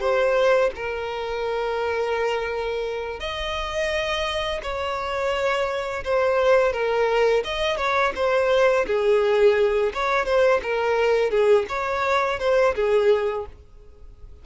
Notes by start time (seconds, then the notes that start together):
0.00 C5
0.75 A#4
3.20 D#5
4.63 C#5
6.04 C5
6.73 A#4
7.44 D#5
7.77 C#5
8.15 C5
8.87 G#4
9.94 C#5
10.25 C5
10.62 A#4
11.30 G#4
11.69 C#5
12.39 C5
12.75 G#4